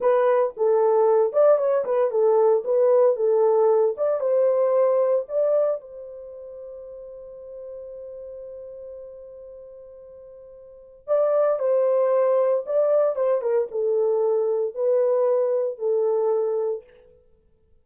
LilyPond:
\new Staff \with { instrumentName = "horn" } { \time 4/4 \tempo 4 = 114 b'4 a'4. d''8 cis''8 b'8 | a'4 b'4 a'4. d''8 | c''2 d''4 c''4~ | c''1~ |
c''1~ | c''4 d''4 c''2 | d''4 c''8 ais'8 a'2 | b'2 a'2 | }